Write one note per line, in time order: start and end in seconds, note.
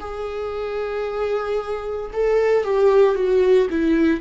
0.00 2.11 G#4
2.13 2.64 A4
2.64 3.15 G4
3.15 3.67 F#4
3.69 4.20 E4